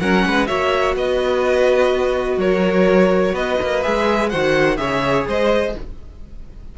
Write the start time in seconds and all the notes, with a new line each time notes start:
0.00 F#3 C#4 A#4 F#5
0.26 G#3 B4
0.46 A#3 F#4 C#5 E5
0.95 B3 B4 D#5
2.37 F#3 A#4 C#5
3.32 B3 B4 D#5
3.61 A#3
3.82 G#3 G#4 E5
4.29 D#3 F#4 C5 F#5
4.77 C#3 G#4 C#5 E5
5.26 G#3 C5 D#5